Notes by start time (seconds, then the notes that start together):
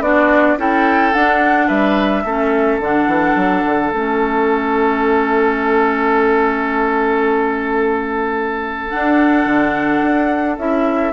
0.00 B3 D4 F#4 D5
0.58 C#4 E4 A4 G5
1.13 D4 F#5
1.68 G3 B4 E5
2.24 A3 C#4 A4
2.80 D3 D4 F#5
3.06 E3
3.36 F#3
3.66 D3
3.90 A3 C#4 E5
8.89 D4 F#5
9.46 D3
10.02 D4
10.58 C#4 E4 E5